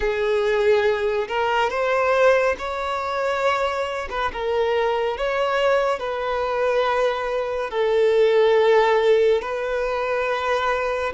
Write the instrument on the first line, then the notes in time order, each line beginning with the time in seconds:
violin
0.00 G#4
1.28 A#4
1.69 C5
2.58 C#5
4.09 B4
4.32 A#4
5.17 C#5
5.99 B4
7.70 A4
9.41 B4